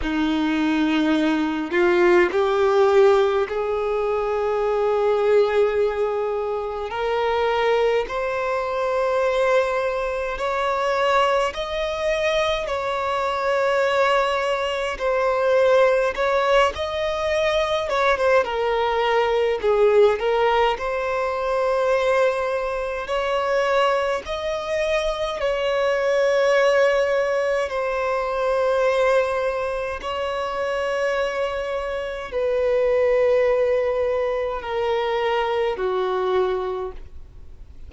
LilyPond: \new Staff \with { instrumentName = "violin" } { \time 4/4 \tempo 4 = 52 dis'4. f'8 g'4 gis'4~ | gis'2 ais'4 c''4~ | c''4 cis''4 dis''4 cis''4~ | cis''4 c''4 cis''8 dis''4 cis''16 c''16 |
ais'4 gis'8 ais'8 c''2 | cis''4 dis''4 cis''2 | c''2 cis''2 | b'2 ais'4 fis'4 | }